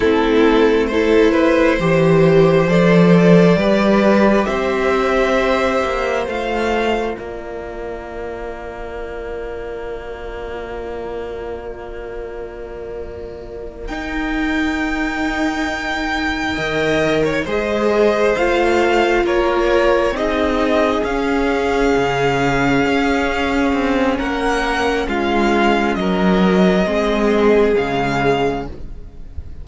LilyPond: <<
  \new Staff \with { instrumentName = "violin" } { \time 4/4 \tempo 4 = 67 a'4 c''2 d''4~ | d''4 e''2 f''4 | d''1~ | d''2.~ d''8 g''8~ |
g''2.~ g''8 dis''8~ | dis''8 f''4 cis''4 dis''4 f''8~ | f''2. fis''4 | f''4 dis''2 f''4 | }
  \new Staff \with { instrumentName = "violin" } { \time 4/4 e'4 a'8 b'8 c''2 | b'4 c''2. | ais'1~ | ais'1~ |
ais'2~ ais'8 dis''8. cis''16 c''8~ | c''4. ais'4 gis'4.~ | gis'2. ais'4 | f'4 ais'4 gis'2 | }
  \new Staff \with { instrumentName = "viola" } { \time 4/4 c'4 e'4 g'4 a'4 | g'2. f'4~ | f'1~ | f'2.~ f'8 dis'8~ |
dis'2~ dis'8 ais'4 gis'8~ | gis'8 f'2 dis'4 cis'8~ | cis'1~ | cis'2 c'4 gis4 | }
  \new Staff \with { instrumentName = "cello" } { \time 4/4 a2 e4 f4 | g4 c'4. ais8 a4 | ais1~ | ais2.~ ais8 dis'8~ |
dis'2~ dis'8 dis4 gis8~ | gis8 a4 ais4 c'4 cis'8~ | cis'8 cis4 cis'4 c'8 ais4 | gis4 fis4 gis4 cis4 | }
>>